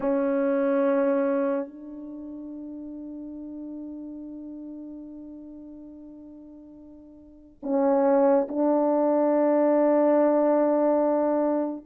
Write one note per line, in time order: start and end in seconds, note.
0.00 1.68 C#4
1.68 7.59 D4
7.62 8.47 C#4
8.48 11.85 D4